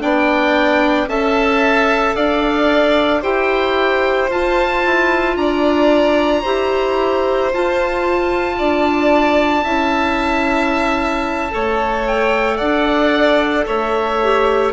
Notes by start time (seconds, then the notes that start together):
0.00 B3 D4 D5 G5
1.07 C#4 A4 E5 A5
2.16 D4 D5 F5
3.21 E4 G4 C5 G5
4.30 F4 A5
4.86 E4
5.37 D4 D5 A#5
6.42 E4 G4 C5
7.53 F4 A5
8.59 D4 D5
9.64 C#4 E4 E5
11.51 A3 A4 C#5
12.08 G5
12.58 D4 D5 F#5
13.67 A3 C#5 E5
14.23 G4